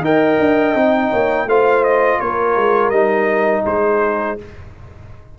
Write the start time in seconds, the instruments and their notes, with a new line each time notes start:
0.00 tuba D#4, trombone A#4, horn D#5, trumpet G5
0.40 tuba D4
0.75 tuba C4, trombone D#4
1.10 tuba A#3, horn C#5
1.46 tuba A3, trombone F4, horn C5, trumpet F5
1.84 trumpet D#5
2.19 tuba A#3, horn A#4, trumpet C#5
2.57 tuba G#3
2.90 tuba G3, trombone D#4, trumpet D#5
3.66 tuba G#3, horn G#4, trumpet C5